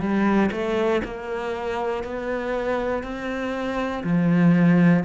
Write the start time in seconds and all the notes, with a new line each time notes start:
0.00 G3
0.52 A3
1.05 A#3
2.04 B3
3.04 C4
4.04 F3